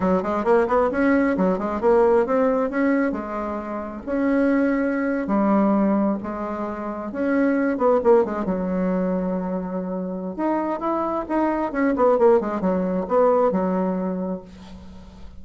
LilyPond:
\new Staff \with { instrumentName = "bassoon" } { \time 4/4 \tempo 4 = 133 fis8 gis8 ais8 b8 cis'4 fis8 gis8 | ais4 c'4 cis'4 gis4~ | gis4 cis'2~ cis'8. g16~ | g4.~ g16 gis2 cis'16~ |
cis'4~ cis'16 b8 ais8 gis8 fis4~ fis16~ | fis2. dis'4 | e'4 dis'4 cis'8 b8 ais8 gis8 | fis4 b4 fis2 | }